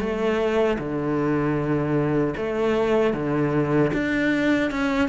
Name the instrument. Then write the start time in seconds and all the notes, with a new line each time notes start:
cello
0.00 A3
0.79 D3
2.38 A3
3.14 D3
3.94 D4
4.71 C#4